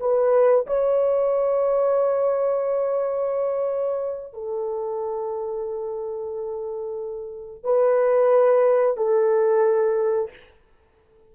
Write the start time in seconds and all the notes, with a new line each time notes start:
0.00 B4
0.67 C#5
4.34 A4
7.64 B4
8.97 A4